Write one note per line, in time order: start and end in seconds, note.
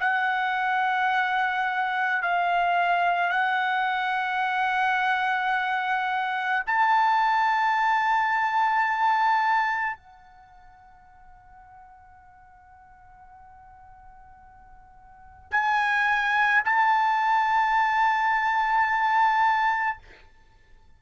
0.00 2.22 F#5
2.22 3.30 F5
3.30 6.63 F#5
6.67 9.97 A5
9.97 15.51 F#5
15.51 16.62 G#5
16.65 19.98 A5